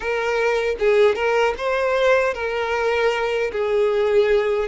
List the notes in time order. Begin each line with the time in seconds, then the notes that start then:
0.00 A#4
0.79 G#4
1.15 A#4
1.57 C5
2.34 A#4
3.51 G#4